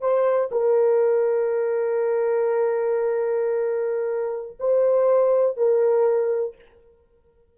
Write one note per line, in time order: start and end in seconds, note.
0.00 0.49 C5
0.51 4.57 A#4
4.59 5.57 C5
5.57 6.55 A#4